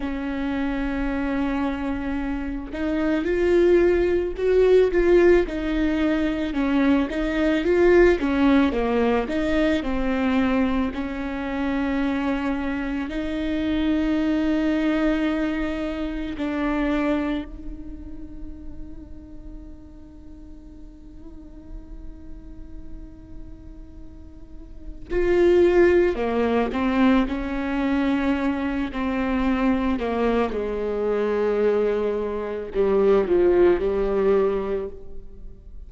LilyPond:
\new Staff \with { instrumentName = "viola" } { \time 4/4 \tempo 4 = 55 cis'2~ cis'8 dis'8 f'4 | fis'8 f'8 dis'4 cis'8 dis'8 f'8 cis'8 | ais8 dis'8 c'4 cis'2 | dis'2. d'4 |
dis'1~ | dis'2. f'4 | ais8 c'8 cis'4. c'4 ais8 | gis2 g8 f8 g4 | }